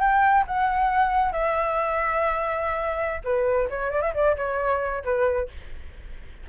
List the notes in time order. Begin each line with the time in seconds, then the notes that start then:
0.00 G5
0.46 F#5
1.32 E5
3.24 B4
3.69 C#5
3.91 D5
4.02 E5
4.14 D5
4.36 C#5
5.04 B4